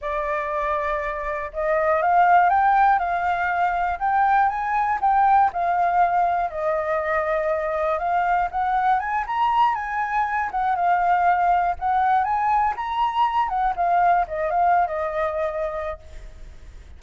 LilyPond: \new Staff \with { instrumentName = "flute" } { \time 4/4 \tempo 4 = 120 d''2. dis''4 | f''4 g''4 f''2 | g''4 gis''4 g''4 f''4~ | f''4 dis''2. |
f''4 fis''4 gis''8 ais''4 gis''8~ | gis''4 fis''8 f''2 fis''8~ | fis''8 gis''4 ais''4. fis''8 f''8~ | f''8 dis''8 f''8. dis''2~ dis''16 | }